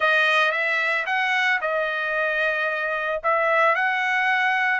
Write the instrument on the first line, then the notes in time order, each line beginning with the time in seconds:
trumpet
0.00 D#5
0.51 E5
1.06 F#5
1.61 D#5
3.23 E5
3.75 F#5